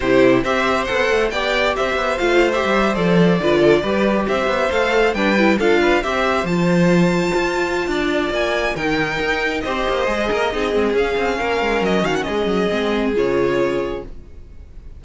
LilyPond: <<
  \new Staff \with { instrumentName = "violin" } { \time 4/4 \tempo 4 = 137 c''4 e''4 fis''4 g''4 | e''4 f''8. e''4 d''4~ d''16~ | d''4.~ d''16 e''4 f''4 g''16~ | g''8. f''4 e''4 a''4~ a''16~ |
a''2. gis''4 | g''2 dis''2~ | dis''4 f''2 dis''8 f''16 fis''16 | dis''2 cis''2 | }
  \new Staff \with { instrumentName = "violin" } { \time 4/4 g'4 c''2 d''4 | c''2.~ c''8. b'16~ | b'16 a'8 b'4 c''2 b'16~ | b'8. a'8 b'8 c''2~ c''16~ |
c''2 d''2 | ais'2 c''4. ais'8 | gis'2 ais'4. fis'8 | gis'1 | }
  \new Staff \with { instrumentName = "viola" } { \time 4/4 e'4 g'4 a'4 g'4~ | g'4 f'8. g'4 a'4 f'16~ | f'8. g'2 a'4 d'16~ | d'16 e'8 f'4 g'4 f'4~ f'16~ |
f'1 | dis'2 g'4 gis'4 | dis'8 c'8 cis'2.~ | cis'4 c'4 f'2 | }
  \new Staff \with { instrumentName = "cello" } { \time 4/4 c4 c'4 b8 a8 b4 | c'8 b8 a4 g8. f4 d16~ | d8. g4 c'8 b8 a4 g16~ | g8. d'4 c'4 f4~ f16~ |
f8. f'4~ f'16 d'4 ais4 | dis4 dis'4 c'8 ais8 gis8 ais8 | c'8 gis8 cis'8 c'8 ais8 gis8 fis8 dis8 | gis8 fis8 gis4 cis2 | }
>>